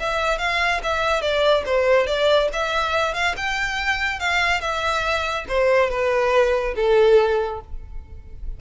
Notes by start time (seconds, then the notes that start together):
0.00 E5
0.38 F5
0.83 E5
1.22 D5
1.66 C5
2.07 D5
2.53 E5
3.14 F5
3.37 G5
4.20 F5
4.61 E5
5.49 C5
5.90 B4
6.76 A4